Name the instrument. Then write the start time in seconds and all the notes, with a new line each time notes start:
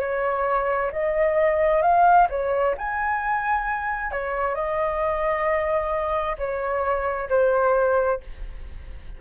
flute
0.00 C#5
0.92 D#5
1.82 F5
2.30 C#5
2.78 G#5
4.12 C#5
4.55 D#5
6.38 C#5
7.30 C5